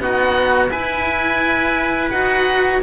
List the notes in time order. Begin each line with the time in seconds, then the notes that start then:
0.00 B3 D#4 F#4 F#5
0.69 E4 B4 G#5
2.10 D#4 F#4 F#5